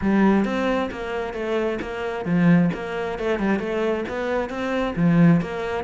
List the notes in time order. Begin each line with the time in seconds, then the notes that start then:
0.01 G3
0.44 C4
0.91 A#3
1.33 A3
1.81 A#3
2.25 F3
2.73 A#3
3.18 A3
3.39 G3
3.59 A3
4.08 B3
4.49 C4
4.96 F3
5.41 A#3